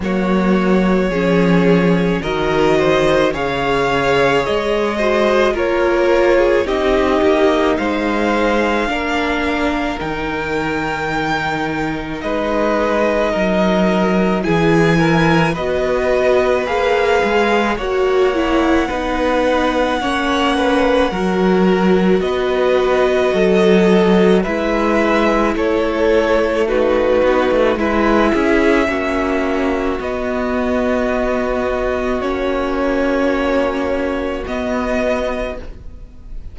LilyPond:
<<
  \new Staff \with { instrumentName = "violin" } { \time 4/4 \tempo 4 = 54 cis''2 dis''4 f''4 | dis''4 cis''4 dis''4 f''4~ | f''4 g''2 dis''4~ | dis''4 gis''4 dis''4 f''4 |
fis''1 | dis''2 e''4 cis''4 | b'4 e''2 dis''4~ | dis''4 cis''2 dis''4 | }
  \new Staff \with { instrumentName = "violin" } { \time 4/4 fis'4 gis'4 ais'8 c''8 cis''4~ | cis''8 c''8 ais'8. gis'16 g'4 c''4 | ais'2. b'4 | ais'4 gis'8 ais'8 b'2 |
cis''4 b'4 cis''8 b'8 ais'4 | b'4 a'4 b'4 a'4 | fis'4 b'8 gis'8 fis'2~ | fis'1 | }
  \new Staff \with { instrumentName = "viola" } { \time 4/4 ais4 cis'4 fis'4 gis'4~ | gis'8 fis'8 f'4 dis'2 | d'4 dis'2.~ | dis'4 e'4 fis'4 gis'4 |
fis'8 e'8 dis'4 cis'4 fis'4~ | fis'2 e'2 | dis'4 e'4 cis'4 b4~ | b4 cis'2 b4 | }
  \new Staff \with { instrumentName = "cello" } { \time 4/4 fis4 f4 dis4 cis4 | gis4 ais4 c'8 ais8 gis4 | ais4 dis2 gis4 | fis4 e4 b4 ais8 gis8 |
ais4 b4 ais4 fis4 | b4 fis4 gis4 a4~ | a8 b16 a16 gis8 cis'8 ais4 b4~ | b4 ais2 b4 | }
>>